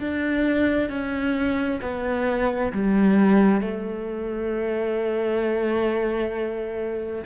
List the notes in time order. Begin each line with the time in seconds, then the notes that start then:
0.00 D4
0.90 C#4
1.81 B3
2.73 G3
3.61 A3